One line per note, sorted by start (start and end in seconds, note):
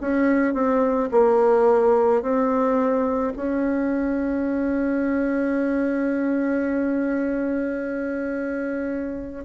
0.00 0.54 C#4
0.54 1.09 C4
1.11 2.22 A#3
2.22 3.33 C4
3.36 9.44 C#4